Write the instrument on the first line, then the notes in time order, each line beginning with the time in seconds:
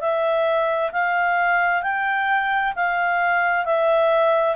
clarinet
0.00 E5
0.92 F5
1.82 G5
2.75 F5
3.65 E5